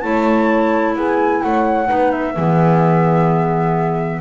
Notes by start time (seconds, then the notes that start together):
0.00 A3 E4 C#5 A5
0.95 B3 G#4 G#5
1.42 A3 C#5 F#5
1.86 B3 D#4 B4
2.11 E5
2.35 E3 B3 G#4